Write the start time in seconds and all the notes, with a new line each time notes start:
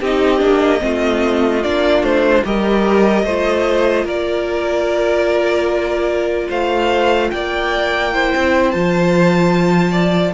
0.00 C4 D#4 G4 D#5
0.38 A#3 D4
0.79 A3 C4 F4
1.63 A#3 D4 D5
2.02 A3 C5
2.44 G3 G4 A#4 D#5
3.24 A3 F4 C5
4.04 A#3 A#4 D5
6.48 A3 C5 F5
7.30 A#3 D5 G5
8.13 E4 C5
8.35 C4
8.71 F3 F4 A5
9.91 D5